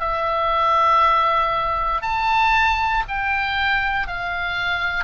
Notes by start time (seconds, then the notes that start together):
0.00 E5
2.02 A5
3.08 G5
4.07 F5